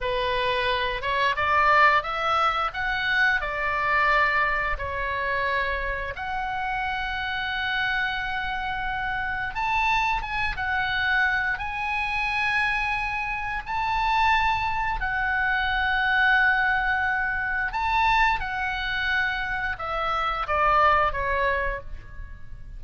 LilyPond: \new Staff \with { instrumentName = "oboe" } { \time 4/4 \tempo 4 = 88 b'4. cis''8 d''4 e''4 | fis''4 d''2 cis''4~ | cis''4 fis''2.~ | fis''2 a''4 gis''8 fis''8~ |
fis''4 gis''2. | a''2 fis''2~ | fis''2 a''4 fis''4~ | fis''4 e''4 d''4 cis''4 | }